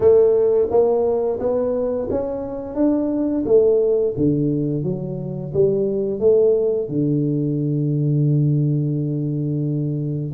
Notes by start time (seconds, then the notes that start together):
0.00 A3
0.70 A#3
1.39 B3
2.10 C#4
2.75 D4
3.45 A3
4.17 D3
4.83 F#3
5.53 G3
6.19 A3
6.88 D3